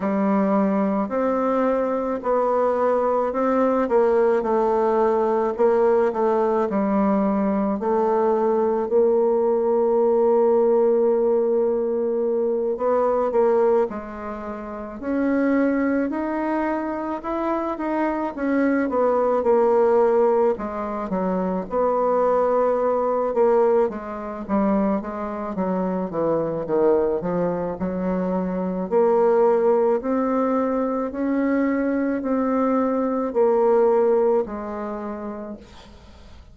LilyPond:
\new Staff \with { instrumentName = "bassoon" } { \time 4/4 \tempo 4 = 54 g4 c'4 b4 c'8 ais8 | a4 ais8 a8 g4 a4 | ais2.~ ais8 b8 | ais8 gis4 cis'4 dis'4 e'8 |
dis'8 cis'8 b8 ais4 gis8 fis8 b8~ | b4 ais8 gis8 g8 gis8 fis8 e8 | dis8 f8 fis4 ais4 c'4 | cis'4 c'4 ais4 gis4 | }